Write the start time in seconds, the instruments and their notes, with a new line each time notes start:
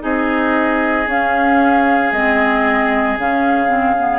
0.00 bassoon C4, clarinet D#4, oboe G#4, flute D#5
1.07 bassoon C#4, clarinet C#4, flute F5
2.12 bassoon G#3, clarinet C4, flute D#5
3.17 bassoon C#3, clarinet C#4, flute F5
3.68 clarinet C4
3.99 clarinet B3